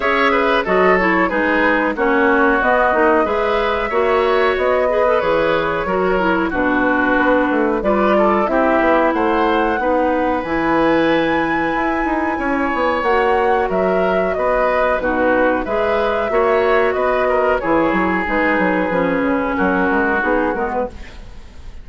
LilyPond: <<
  \new Staff \with { instrumentName = "flute" } { \time 4/4 \tempo 4 = 92 e''4 dis''8 cis''8 b'4 cis''4 | dis''4 e''2 dis''4 | cis''2 b'2 | d''4 e''4 fis''2 |
gis''1 | fis''4 e''4 dis''4 b'4 | e''2 dis''4 cis''4 | b'2 ais'4 gis'8 ais'16 b'16 | }
  \new Staff \with { instrumentName = "oboe" } { \time 4/4 cis''8 b'8 a'4 gis'4 fis'4~ | fis'4 b'4 cis''4. b'8~ | b'4 ais'4 fis'2 | b'8 a'8 g'4 c''4 b'4~ |
b'2. cis''4~ | cis''4 ais'4 b'4 fis'4 | b'4 cis''4 b'8 ais'8 gis'4~ | gis'2 fis'2 | }
  \new Staff \with { instrumentName = "clarinet" } { \time 4/4 gis'4 fis'8 e'8 dis'4 cis'4 | b8 dis'8 gis'4 fis'4. gis'16 a'16 | gis'4 fis'8 e'8 d'2 | f'4 e'2 dis'4 |
e'1 | fis'2. dis'4 | gis'4 fis'2 e'4 | dis'4 cis'2 dis'8 b8 | }
  \new Staff \with { instrumentName = "bassoon" } { \time 4/4 cis'4 fis4 gis4 ais4 | b8 ais8 gis4 ais4 b4 | e4 fis4 b,4 b8 a8 | g4 c'8 b8 a4 b4 |
e2 e'8 dis'8 cis'8 b8 | ais4 fis4 b4 b,4 | gis4 ais4 b4 e8 fis8 | gis8 fis8 f8 cis8 fis8 gis8 b8 gis8 | }
>>